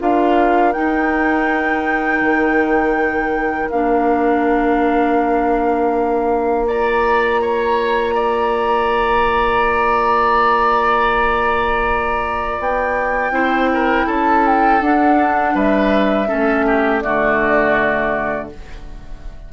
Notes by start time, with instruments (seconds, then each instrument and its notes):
0.00 bassoon D4, clarinet F4, oboe A#4, flute F5
0.73 clarinet D#4, bassoon D#4, flute G5
2.21 bassoon D#3
3.71 bassoon A#3, clarinet D4, flute F5
6.67 clarinet F4, oboe D5, flute A#5
7.42 oboe C#5
8.15 oboe D5
12.60 bassoon B3, flute G5
13.31 bassoon C4, clarinet E4, oboe C5
13.74 oboe A#4
14.07 bassoon C#4, oboe A4, flute A5
14.47 flute G5
14.81 clarinet D4, bassoon D4, flute F#5
15.55 bassoon G3, oboe B4, flute E5
16.28 bassoon A3, clarinet C#4, oboe A4
16.67 oboe G4
17.01 bassoon D3, clarinet A3, oboe F#4, flute D5